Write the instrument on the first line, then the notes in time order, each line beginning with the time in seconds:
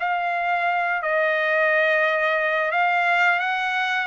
trumpet
0.00 F5
1.02 D#5
2.71 F5
3.39 F#5